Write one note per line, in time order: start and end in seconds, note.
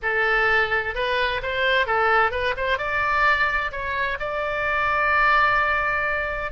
0.02 0.95 A4
0.95 1.41 B4
1.42 1.86 C5
1.86 2.31 A4
2.31 2.54 B4
2.56 2.78 C5
2.78 3.71 D5
3.71 4.18 C#5
4.19 6.51 D5